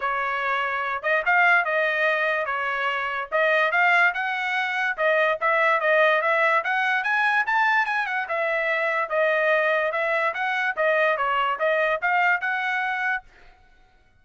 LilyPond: \new Staff \with { instrumentName = "trumpet" } { \time 4/4 \tempo 4 = 145 cis''2~ cis''8 dis''8 f''4 | dis''2 cis''2 | dis''4 f''4 fis''2 | dis''4 e''4 dis''4 e''4 |
fis''4 gis''4 a''4 gis''8 fis''8 | e''2 dis''2 | e''4 fis''4 dis''4 cis''4 | dis''4 f''4 fis''2 | }